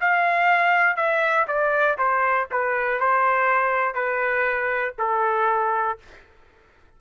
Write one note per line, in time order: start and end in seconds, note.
0.00 0.96 F5
0.96 1.46 E5
1.48 1.98 D5
1.98 2.48 C5
2.51 3.00 B4
3.00 3.94 C5
3.94 4.94 B4
4.98 5.98 A4